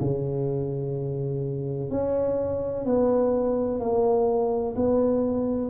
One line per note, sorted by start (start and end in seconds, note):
0.00 1.90 C#3
1.90 2.85 C#4
2.85 3.80 B3
3.80 4.75 A#3
4.76 5.70 B3